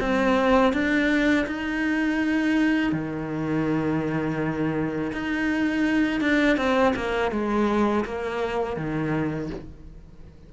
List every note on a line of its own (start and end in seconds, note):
0.00 0.73 C4
0.73 1.46 D4
1.47 2.92 D#4
2.92 5.12 D#3
5.12 6.21 D#4
6.21 6.57 D4
6.57 6.94 C4
6.96 7.31 A#3
7.31 8.05 G#3
8.05 8.77 A#3
8.77 9.50 D#3